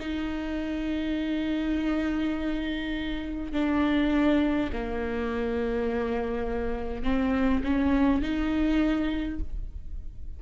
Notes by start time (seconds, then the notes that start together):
0.00 D#4
3.53 D4
4.73 A#3
7.04 C4
7.64 C#4
8.22 D#4